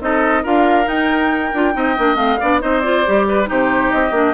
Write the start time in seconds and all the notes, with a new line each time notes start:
0.00 C4 D#4 A4 D#5
0.43 D4 F4 A#4 F5
0.84 D#4 G5
1.53 D4 F4
1.73 C4 D#4 D#5
1.98 A#3 D4
2.15 A3 C4 F5
2.40 B3 D4 D5
2.60 C4 D#4 C5 D#5
2.80 F4 D5
3.05 G3 G4
3.28 B4
3.45 C3 D#4 G4 C5
3.90 C4 D#5
4.11 A#3 D4